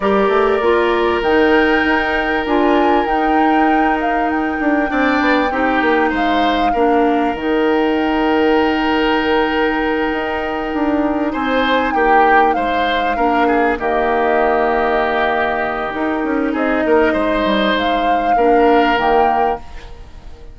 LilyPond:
<<
  \new Staff \with { instrumentName = "flute" } { \time 4/4 \tempo 4 = 98 d''2 g''2 | gis''4 g''4. f''8 g''4~ | g''2 f''2 | g''1~ |
g''2~ g''8 gis''4 g''8~ | g''8 f''2 dis''4.~ | dis''2 ais'4 dis''4~ | dis''4 f''2 g''4 | }
  \new Staff \with { instrumentName = "oboe" } { \time 4/4 ais'1~ | ais'1 | d''4 g'4 c''4 ais'4~ | ais'1~ |
ais'2~ ais'8 c''4 g'8~ | g'8 c''4 ais'8 gis'8 g'4.~ | g'2. gis'8 ais'8 | c''2 ais'2 | }
  \new Staff \with { instrumentName = "clarinet" } { \time 4/4 g'4 f'4 dis'2 | f'4 dis'2. | d'4 dis'2 d'4 | dis'1~ |
dis'1~ | dis'4. d'4 ais4.~ | ais2 dis'2~ | dis'2 d'4 ais4 | }
  \new Staff \with { instrumentName = "bassoon" } { \time 4/4 g8 a8 ais4 dis4 dis'4 | d'4 dis'2~ dis'8 d'8 | c'8 b8 c'8 ais8 gis4 ais4 | dis1~ |
dis8 dis'4 d'4 c'4 ais8~ | ais8 gis4 ais4 dis4.~ | dis2 dis'8 cis'8 c'8 ais8 | gis8 g8 gis4 ais4 dis4 | }
>>